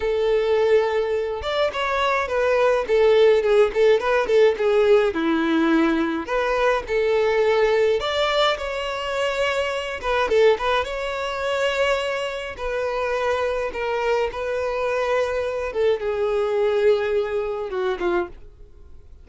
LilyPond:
\new Staff \with { instrumentName = "violin" } { \time 4/4 \tempo 4 = 105 a'2~ a'8 d''8 cis''4 | b'4 a'4 gis'8 a'8 b'8 a'8 | gis'4 e'2 b'4 | a'2 d''4 cis''4~ |
cis''4. b'8 a'8 b'8 cis''4~ | cis''2 b'2 | ais'4 b'2~ b'8 a'8 | gis'2. fis'8 f'8 | }